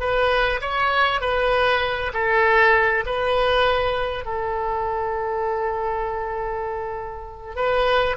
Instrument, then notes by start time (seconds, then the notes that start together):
oboe
0.00 B4
0.61 C#5
1.21 B4
2.14 A4
3.06 B4
4.25 A4
7.56 B4